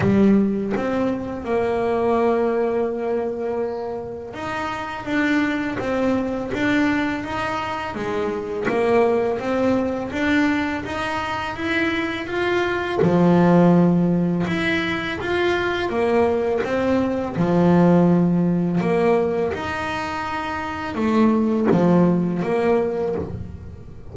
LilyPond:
\new Staff \with { instrumentName = "double bass" } { \time 4/4 \tempo 4 = 83 g4 c'4 ais2~ | ais2 dis'4 d'4 | c'4 d'4 dis'4 gis4 | ais4 c'4 d'4 dis'4 |
e'4 f'4 f2 | e'4 f'4 ais4 c'4 | f2 ais4 dis'4~ | dis'4 a4 f4 ais4 | }